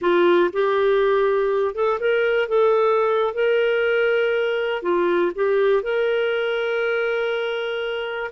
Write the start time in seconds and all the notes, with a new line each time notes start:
0.01 F4
0.52 G4
1.75 A4
2.00 A#4
2.48 A4
3.34 A#4
4.82 F4
5.35 G4
5.82 A#4